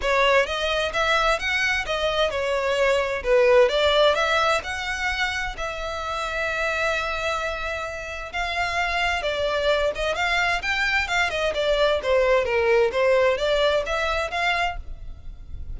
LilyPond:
\new Staff \with { instrumentName = "violin" } { \time 4/4 \tempo 4 = 130 cis''4 dis''4 e''4 fis''4 | dis''4 cis''2 b'4 | d''4 e''4 fis''2 | e''1~ |
e''2 f''2 | d''4. dis''8 f''4 g''4 | f''8 dis''8 d''4 c''4 ais'4 | c''4 d''4 e''4 f''4 | }